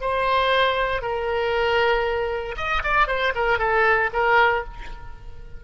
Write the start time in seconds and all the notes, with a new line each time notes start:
0.00 C5
1.01 A#4
2.56 D#5
2.83 D5
3.07 C5
3.34 A#4
3.58 A4
4.13 A#4